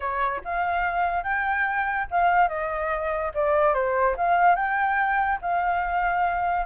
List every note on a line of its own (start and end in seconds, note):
0.00 0.41 C#5
0.44 1.23 F5
1.23 2.06 G5
2.10 2.48 F5
2.48 3.31 D#5
3.34 3.73 D5
3.73 4.15 C5
4.16 4.55 F5
4.55 5.38 G5
5.41 6.66 F5